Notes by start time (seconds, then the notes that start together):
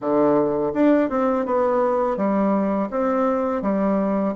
0.00 D3
0.73 D4
1.09 C4
1.45 B3
2.17 G3
2.90 C4
3.61 G3